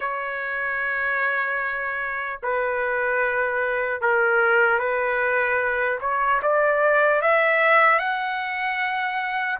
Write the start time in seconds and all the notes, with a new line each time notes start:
0.00 C#5
2.42 B4
4.01 A#4
4.79 B4
6.00 C#5
6.42 D5
7.21 E5
7.99 F#5